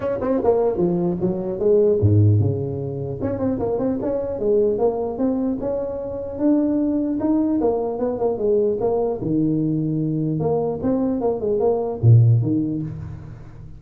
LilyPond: \new Staff \with { instrumentName = "tuba" } { \time 4/4 \tempo 4 = 150 cis'8 c'8 ais4 f4 fis4 | gis4 gis,4 cis2 | cis'8 c'8 ais8 c'8 cis'4 gis4 | ais4 c'4 cis'2 |
d'2 dis'4 ais4 | b8 ais8 gis4 ais4 dis4~ | dis2 ais4 c'4 | ais8 gis8 ais4 ais,4 dis4 | }